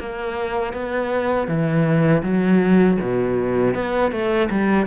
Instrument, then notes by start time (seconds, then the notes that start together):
cello
0.00 A#3
0.73 B3
1.48 E3
2.23 F#3
3.01 B2
3.75 B3
4.11 A3
4.50 G3